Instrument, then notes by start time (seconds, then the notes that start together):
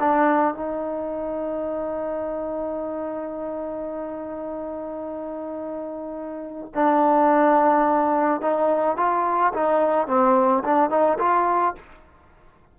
trombone
0.00 D4
0.55 D#4
6.75 D4
8.42 D#4
8.97 F4
9.54 D#4
10.08 C4
10.64 D4
10.91 D#4
11.19 F4